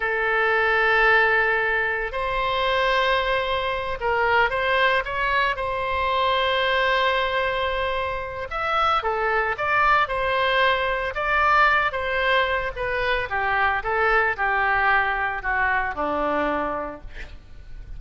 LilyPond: \new Staff \with { instrumentName = "oboe" } { \time 4/4 \tempo 4 = 113 a'1 | c''2.~ c''8 ais'8~ | ais'8 c''4 cis''4 c''4.~ | c''1 |
e''4 a'4 d''4 c''4~ | c''4 d''4. c''4. | b'4 g'4 a'4 g'4~ | g'4 fis'4 d'2 | }